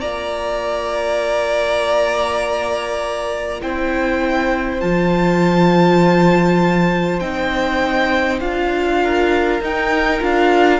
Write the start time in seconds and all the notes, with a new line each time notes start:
0.00 A#3 F4 D5 A#5
3.62 C4 E4 C5 G5
4.80 F3 F4 A5
7.20 C4 D#4 G5
8.40 D4 F4 F5
9.02 A#4
9.61 D#4 G5
10.20 D4 F4 F5